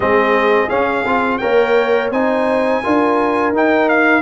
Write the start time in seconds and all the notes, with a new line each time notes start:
0.00 G#3 C4 G#4 D#5
0.69 C#4 F5
1.04 C4 F4
1.38 A#3 A#4 C#5 G5
2.11 C4 D#4 C5 G#5
2.83 D4 F4 A#4
3.52 D#4 G5
3.88 F5